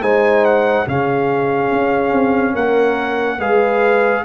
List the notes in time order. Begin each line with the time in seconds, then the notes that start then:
0.00 G#3 D#4 C5 G#5
0.45 F#5
0.86 C#3 C#4 G#4 F5
1.71 C#4
2.11 C4
2.53 A#3 A#4 F#5
3.38 G#3 G#4 B4 F5